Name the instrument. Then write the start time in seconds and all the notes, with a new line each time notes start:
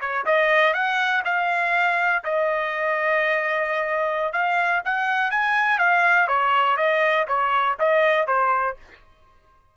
trumpet
0.00 C#5
0.25 D#5
0.73 F#5
1.24 F5
2.24 D#5
4.32 F5
4.84 F#5
5.30 G#5
5.78 F5
6.27 C#5
6.77 D#5
7.27 C#5
7.79 D#5
8.27 C5